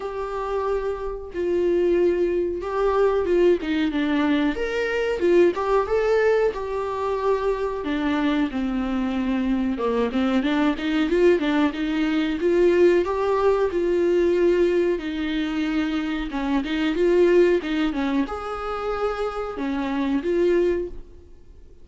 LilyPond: \new Staff \with { instrumentName = "viola" } { \time 4/4 \tempo 4 = 92 g'2 f'2 | g'4 f'8 dis'8 d'4 ais'4 | f'8 g'8 a'4 g'2 | d'4 c'2 ais8 c'8 |
d'8 dis'8 f'8 d'8 dis'4 f'4 | g'4 f'2 dis'4~ | dis'4 cis'8 dis'8 f'4 dis'8 cis'8 | gis'2 cis'4 f'4 | }